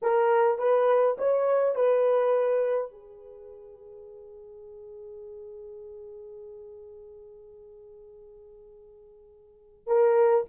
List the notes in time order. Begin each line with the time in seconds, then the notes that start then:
0.02 A#4
0.58 B4
1.18 C#5
1.75 B4
2.91 G#4
9.86 A#4